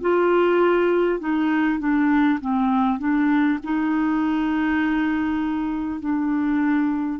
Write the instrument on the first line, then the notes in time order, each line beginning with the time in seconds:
clarinet
0.00 F4
1.19 D#4
1.79 D4
2.40 C4
2.98 D4
3.63 D#4
5.99 D4